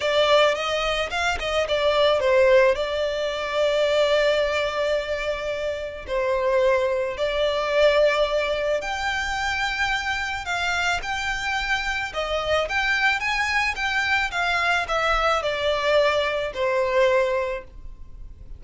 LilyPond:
\new Staff \with { instrumentName = "violin" } { \time 4/4 \tempo 4 = 109 d''4 dis''4 f''8 dis''8 d''4 | c''4 d''2.~ | d''2. c''4~ | c''4 d''2. |
g''2. f''4 | g''2 dis''4 g''4 | gis''4 g''4 f''4 e''4 | d''2 c''2 | }